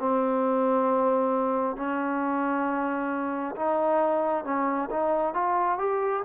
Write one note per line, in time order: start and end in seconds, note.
0.00 1.76 C4
1.76 3.55 C#4
3.56 4.45 D#4
4.45 4.89 C#4
4.91 5.34 D#4
5.34 5.78 F4
5.78 6.23 G4